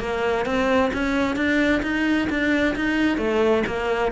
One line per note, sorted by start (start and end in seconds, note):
0.00 0.46 A#3
0.46 0.92 C4
0.94 1.36 C#4
1.36 1.82 D4
1.83 2.29 D#4
2.30 2.76 D4
2.76 3.18 D#4
3.18 3.64 A3
3.67 4.12 A#3